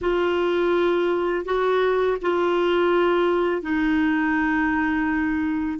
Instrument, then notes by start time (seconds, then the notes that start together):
clarinet
0.01 F4
1.45 F#4
2.21 F4
3.62 D#4